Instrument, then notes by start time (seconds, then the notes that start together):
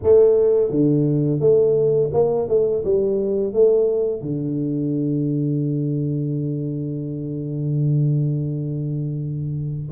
tuba
0.03 A3
0.70 D3
1.40 A3
2.13 A#3
2.48 A3
2.84 G3
3.53 A3
4.21 D3